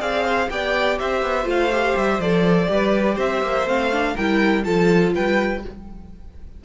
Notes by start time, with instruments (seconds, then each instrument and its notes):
0.00 cello C4, viola G#4, violin D5 F5
0.25 violin C5
0.50 cello B3, viola G4, violin D5 G5
0.99 cello C4, violin C5 E5
1.22 cello B3
1.45 cello A3, viola F4, violin F5
1.72 viola G4
1.96 cello G3, violin E5
2.19 cello F3, viola A4, violin D5
2.67 cello G3, viola G4, violin B4
3.15 cello C4, violin C5 E5
3.42 cello A#3
3.67 cello A3, viola C4, violin F5
3.92 viola D4
4.15 cello G3, viola E4, violin A#4 G5
4.64 cello F3, viola F4, violin A4 A5
5.15 cello G3, violin B4 G5